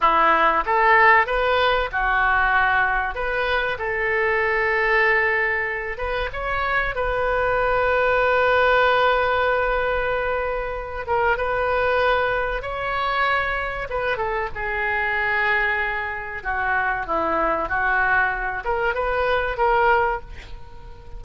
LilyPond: \new Staff \with { instrumentName = "oboe" } { \time 4/4 \tempo 4 = 95 e'4 a'4 b'4 fis'4~ | fis'4 b'4 a'2~ | a'4. b'8 cis''4 b'4~ | b'1~ |
b'4. ais'8 b'2 | cis''2 b'8 a'8 gis'4~ | gis'2 fis'4 e'4 | fis'4. ais'8 b'4 ais'4 | }